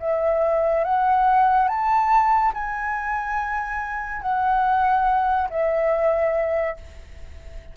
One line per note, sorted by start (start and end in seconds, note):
0.00 0.85 E5
0.85 1.69 F#5
1.69 2.53 A5
2.54 4.22 G#5
4.22 5.49 F#5
5.50 6.77 E5